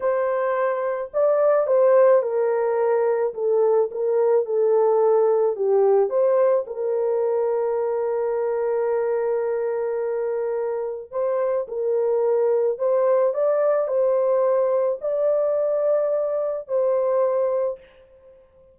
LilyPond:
\new Staff \with { instrumentName = "horn" } { \time 4/4 \tempo 4 = 108 c''2 d''4 c''4 | ais'2 a'4 ais'4 | a'2 g'4 c''4 | ais'1~ |
ais'1 | c''4 ais'2 c''4 | d''4 c''2 d''4~ | d''2 c''2 | }